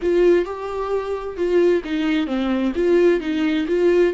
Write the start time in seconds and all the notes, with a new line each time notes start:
0.01 F4
0.45 G4
1.36 F4
1.84 D#4
2.26 C4
2.75 F4
3.20 D#4
3.67 F4